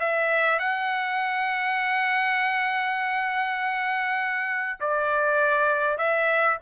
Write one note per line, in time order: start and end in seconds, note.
0.00 0.59 E5
0.59 4.79 F#5
4.80 5.98 D5
5.98 6.58 E5